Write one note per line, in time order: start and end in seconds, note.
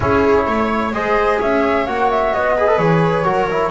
0.00 0.46 C#4
0.00 0.93 E4
0.00 0.47 G#4
0.00 0.92 C#5
0.46 0.92 A3
0.46 0.94 C#5
0.92 1.38 G#3
0.92 1.86 G#4
0.92 1.39 C5
0.92 1.39 D#5
1.39 1.86 C#4
1.39 2.55 C#5
1.39 1.86 E5
1.86 2.33 A#3
1.86 2.56 F#4
1.86 2.09 F#5
2.10 2.33 E5
2.33 2.78 B3
2.33 2.78 D#5
2.56 2.67 G#4
2.56 3.25 B4
2.67 2.78 A4
2.78 3.24 E3
2.78 3.24 G#4
2.78 3.71 C#5
3.24 3.71 F#3
3.24 3.47 F#4
3.24 3.71 A#4
3.50 3.71 E4